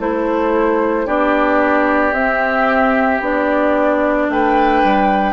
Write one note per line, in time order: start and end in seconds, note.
0.00 1.07 A3
0.00 1.07 E4
0.00 1.06 A4
0.00 1.07 C5
1.06 2.13 B3
1.06 2.14 D4
1.06 4.27 G4
1.06 2.14 D5
2.13 3.20 C4
2.13 3.21 C4
2.13 3.21 E5
3.21 4.28 B3
3.21 5.34 D4
3.21 4.31 D5
4.30 4.83 A3
4.30 5.34 B4
4.30 5.34 G5
4.84 5.34 G3